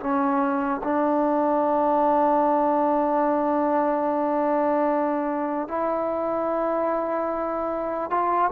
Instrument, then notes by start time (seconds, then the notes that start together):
trombone
0.00 C#4
0.83 D4
5.68 E4
8.10 F4